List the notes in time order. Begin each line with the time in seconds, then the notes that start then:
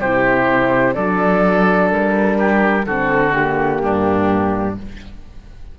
0.00 C3 E4 G4 C5
0.94 F#3 D4 A4 D5
1.91 G3 A#4
2.38 G4
2.86 D3 C4 F#4 A4
3.32 A#3 G4
3.82 G2 D4